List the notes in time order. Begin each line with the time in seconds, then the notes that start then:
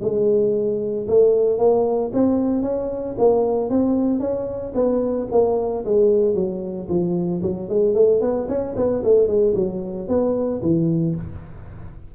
0.00 G#3
1.08 A3
1.58 A#3
2.13 C4
2.62 C#4
3.18 A#3
3.69 C4
4.19 C#4
4.74 B3
5.31 A#3
5.84 G#3
6.34 F#3
6.88 F3
7.42 F#3
7.68 G#3
7.94 A3
8.21 B3
8.48 C#4
8.76 B3
9.03 A3
9.27 G#3
9.55 F#3
10.08 B3
10.61 E3